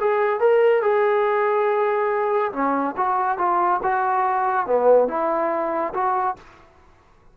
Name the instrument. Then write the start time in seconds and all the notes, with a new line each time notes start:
trombone
0.00 G#4
0.40 A#4
0.82 G#4
2.53 C#4
2.97 F#4
3.38 F4
3.83 F#4
4.67 B3
5.08 E4
5.94 F#4